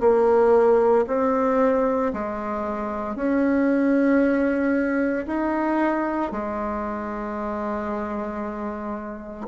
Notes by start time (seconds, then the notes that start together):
0.00 A#3
1.07 C4
2.13 G#3
3.15 C#4
5.26 D#4
6.32 G#3